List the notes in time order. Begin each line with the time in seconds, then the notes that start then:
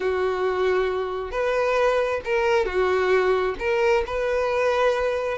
0.00 F#4
1.31 B4
2.24 A#4
2.65 F#4
3.59 A#4
4.06 B4